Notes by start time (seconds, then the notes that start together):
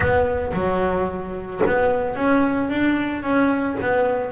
0.00 B3
0.53 F#3
1.66 B3
2.15 C#4
2.69 D4
3.22 C#4
3.81 B3